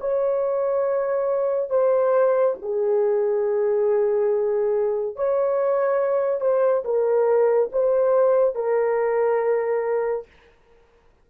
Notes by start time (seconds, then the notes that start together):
0.00 C#5
1.69 C5
2.62 G#4
5.16 C#5
6.41 C5
6.85 A#4
7.72 C5
8.55 A#4